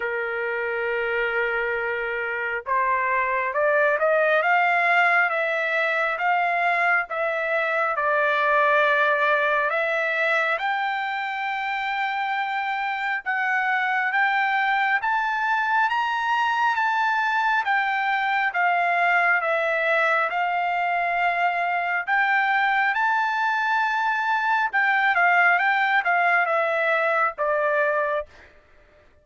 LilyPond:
\new Staff \with { instrumentName = "trumpet" } { \time 4/4 \tempo 4 = 68 ais'2. c''4 | d''8 dis''8 f''4 e''4 f''4 | e''4 d''2 e''4 | g''2. fis''4 |
g''4 a''4 ais''4 a''4 | g''4 f''4 e''4 f''4~ | f''4 g''4 a''2 | g''8 f''8 g''8 f''8 e''4 d''4 | }